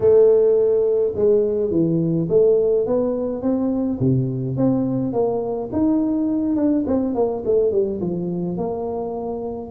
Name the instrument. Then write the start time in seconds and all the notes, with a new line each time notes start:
tuba
0.00 A3
1.15 G#3
1.70 E3
2.29 A3
2.86 B3
3.42 C4
4.00 C3
4.57 C4
5.12 A#3
5.72 D#4
6.56 D4
6.86 C4
7.14 A#3
7.45 A3
7.71 G3
8.01 F3
8.57 A#3